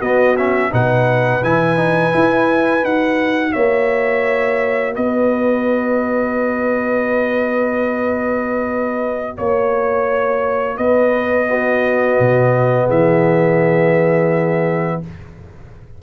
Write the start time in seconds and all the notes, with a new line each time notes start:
0.00 B3 F#4 D#5
0.37 C#4 E5
0.71 B2 D#4 B4 F#5
1.43 E3 E4 G#5
1.77 D#4
2.12 E4
2.81 D#4 F#4 F#5
3.53 A#3 C#5 E5
4.95 B3 B4 D#5
9.37 A#3 C#5
10.77 B3 B4 D#5
11.50 B3 F#4
12.20 B2
12.86 E3 G#4 E5